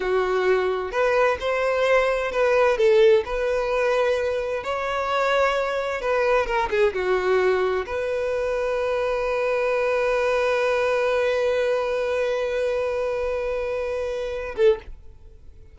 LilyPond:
\new Staff \with { instrumentName = "violin" } { \time 4/4 \tempo 4 = 130 fis'2 b'4 c''4~ | c''4 b'4 a'4 b'4~ | b'2 cis''2~ | cis''4 b'4 ais'8 gis'8 fis'4~ |
fis'4 b'2.~ | b'1~ | b'1~ | b'2.~ b'8 a'8 | }